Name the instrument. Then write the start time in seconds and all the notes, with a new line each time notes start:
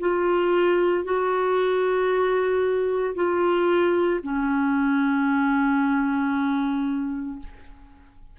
clarinet
0.00 F4
1.05 F#4
3.15 F4
4.23 C#4